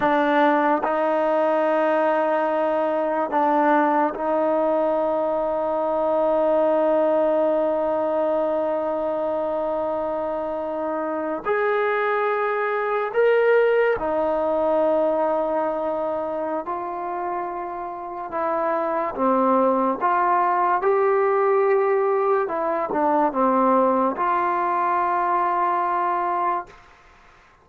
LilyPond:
\new Staff \with { instrumentName = "trombone" } { \time 4/4 \tempo 4 = 72 d'4 dis'2. | d'4 dis'2.~ | dis'1~ | dis'4.~ dis'16 gis'2 ais'16~ |
ais'8. dis'2.~ dis'16 | f'2 e'4 c'4 | f'4 g'2 e'8 d'8 | c'4 f'2. | }